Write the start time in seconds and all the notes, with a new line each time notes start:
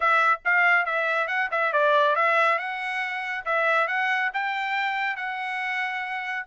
0.00 E5
0.44 F5
0.85 E5
1.27 F#5
1.51 E5
1.72 D5
2.15 E5
2.58 F#5
3.45 E5
3.87 F#5
4.33 G5
5.16 F#5